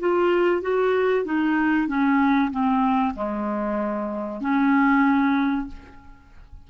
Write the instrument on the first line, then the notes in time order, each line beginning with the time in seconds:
clarinet
0.00 F4
0.62 F#4
1.25 D#4
1.88 C#4
2.52 C4
3.16 G#3
4.41 C#4